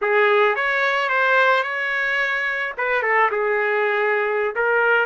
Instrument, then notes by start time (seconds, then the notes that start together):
trumpet
0.01 G#4
0.55 C#5
1.09 C5
1.63 C#5
2.77 B4
3.02 A4
3.31 G#4
4.55 A#4